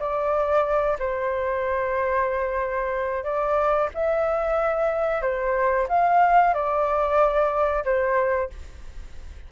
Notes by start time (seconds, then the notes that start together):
0.00 D5
0.99 C5
3.24 D5
3.94 E5
5.22 C5
5.89 F5
6.54 D5
7.85 C5